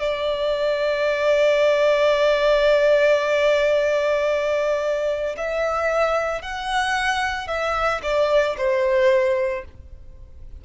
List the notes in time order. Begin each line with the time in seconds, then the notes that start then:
0.00 D5
5.38 E5
6.42 F#5
7.48 E5
8.03 D5
8.58 C5